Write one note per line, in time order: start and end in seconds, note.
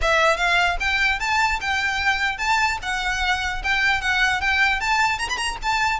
0.01 0.37 E5
0.37 0.77 F5
0.79 1.19 G5
1.19 1.59 A5
1.60 2.37 G5
2.37 2.77 A5
2.82 3.62 F#5
3.63 4.01 G5
4.01 4.40 F#5
4.40 4.80 G5
4.80 5.19 A5
5.19 5.29 A#5
5.29 5.37 B5
5.37 5.57 A#5
5.62 5.99 A5